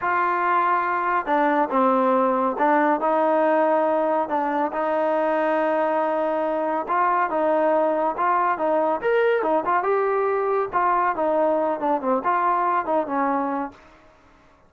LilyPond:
\new Staff \with { instrumentName = "trombone" } { \time 4/4 \tempo 4 = 140 f'2. d'4 | c'2 d'4 dis'4~ | dis'2 d'4 dis'4~ | dis'1 |
f'4 dis'2 f'4 | dis'4 ais'4 dis'8 f'8 g'4~ | g'4 f'4 dis'4. d'8 | c'8 f'4. dis'8 cis'4. | }